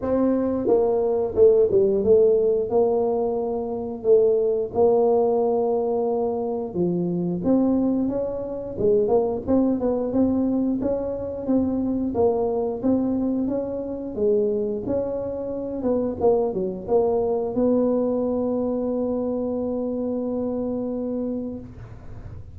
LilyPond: \new Staff \with { instrumentName = "tuba" } { \time 4/4 \tempo 4 = 89 c'4 ais4 a8 g8 a4 | ais2 a4 ais4~ | ais2 f4 c'4 | cis'4 gis8 ais8 c'8 b8 c'4 |
cis'4 c'4 ais4 c'4 | cis'4 gis4 cis'4. b8 | ais8 fis8 ais4 b2~ | b1 | }